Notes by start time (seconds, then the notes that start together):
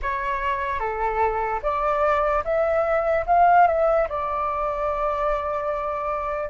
0.02 C#5
0.79 A4
1.62 D5
2.44 E5
3.26 F5
3.67 E5
4.08 D5